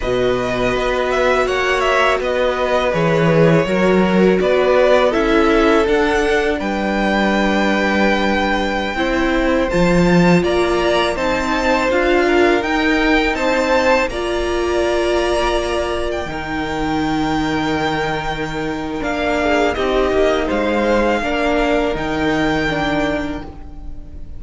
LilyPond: <<
  \new Staff \with { instrumentName = "violin" } { \time 4/4 \tempo 4 = 82 dis''4. e''8 fis''8 e''8 dis''4 | cis''2 d''4 e''4 | fis''4 g''2.~ | g''4~ g''16 a''4 ais''4 a''8.~ |
a''16 f''4 g''4 a''4 ais''8.~ | ais''2 g''2~ | g''2 f''4 dis''4 | f''2 g''2 | }
  \new Staff \with { instrumentName = "violin" } { \time 4/4 b'2 cis''4 b'4~ | b'4 ais'4 b'4 a'4~ | a'4 b'2.~ | b'16 c''2 d''4 c''8.~ |
c''8. ais'4. c''4 d''8.~ | d''2~ d''16 ais'4.~ ais'16~ | ais'2~ ais'8 gis'8 g'4 | c''4 ais'2. | }
  \new Staff \with { instrumentName = "viola" } { \time 4/4 fis'1 | gis'4 fis'2 e'4 | d'1~ | d'16 e'4 f'2 dis'8.~ |
dis'16 f'4 dis'2 f'8.~ | f'2~ f'16 dis'4.~ dis'16~ | dis'2 d'4 dis'4~ | dis'4 d'4 dis'4 d'4 | }
  \new Staff \with { instrumentName = "cello" } { \time 4/4 b,4 b4 ais4 b4 | e4 fis4 b4 cis'4 | d'4 g2.~ | g16 c'4 f4 ais4 c'8.~ |
c'16 d'4 dis'4 c'4 ais8.~ | ais2~ ais16 dis4.~ dis16~ | dis2 ais4 c'8 ais8 | gis4 ais4 dis2 | }
>>